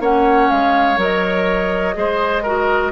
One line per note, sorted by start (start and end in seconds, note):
0.00 0.48 A#3
0.00 0.98 C#4
0.00 1.94 C#5
0.00 0.50 F#5
0.50 0.97 G#3
0.50 0.99 F5
0.97 1.94 F#3
0.97 1.94 A#4
0.97 2.92 D#5
1.94 2.92 G#3
1.94 2.42 G#4
1.94 2.43 C5
2.43 2.92 F#4
2.43 2.91 A#4